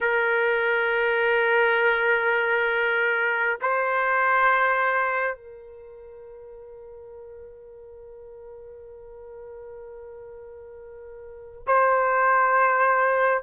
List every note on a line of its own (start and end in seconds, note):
0.00 3.59 A#4
3.61 5.35 C5
5.35 11.62 A#4
11.66 13.43 C5